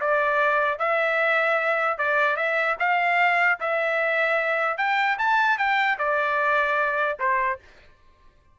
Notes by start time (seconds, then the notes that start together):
0.00 D5
0.79 E5
1.97 D5
2.36 E5
2.79 F5
3.59 E5
4.77 G5
5.18 A5
5.58 G5
5.98 D5
7.19 C5